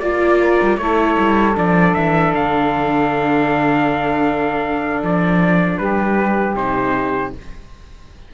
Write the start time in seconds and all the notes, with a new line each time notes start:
0.00 A#3 F4 D5
0.40 A#4
0.62 G3
0.77 A3 E4 A4 C#5
1.18 G3
1.54 F3 D4 D5
1.94 E3 E5
2.33 D3 F5
5.02 F3 D5
5.78 G3 G4 B4
6.54 C3 D#4 C5